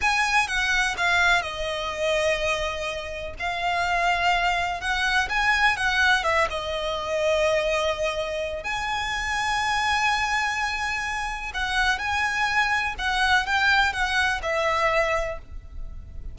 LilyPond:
\new Staff \with { instrumentName = "violin" } { \time 4/4 \tempo 4 = 125 gis''4 fis''4 f''4 dis''4~ | dis''2. f''4~ | f''2 fis''4 gis''4 | fis''4 e''8 dis''2~ dis''8~ |
dis''2 gis''2~ | gis''1 | fis''4 gis''2 fis''4 | g''4 fis''4 e''2 | }